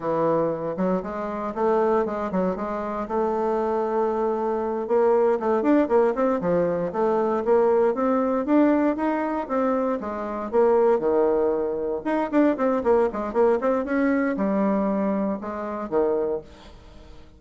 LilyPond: \new Staff \with { instrumentName = "bassoon" } { \time 4/4 \tempo 4 = 117 e4. fis8 gis4 a4 | gis8 fis8 gis4 a2~ | a4. ais4 a8 d'8 ais8 | c'8 f4 a4 ais4 c'8~ |
c'8 d'4 dis'4 c'4 gis8~ | gis8 ais4 dis2 dis'8 | d'8 c'8 ais8 gis8 ais8 c'8 cis'4 | g2 gis4 dis4 | }